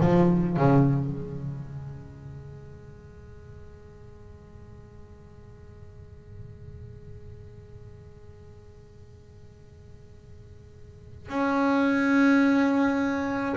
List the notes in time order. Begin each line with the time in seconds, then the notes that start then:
0.00 F3
0.57 C#3
1.11 G#3
11.28 C#4